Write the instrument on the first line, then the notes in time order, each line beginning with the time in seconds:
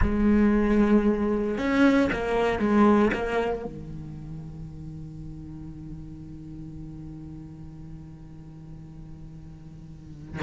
cello
0.01 G#3
1.57 C#4
2.12 A#3
2.59 G#3
3.13 A#3
3.65 D#3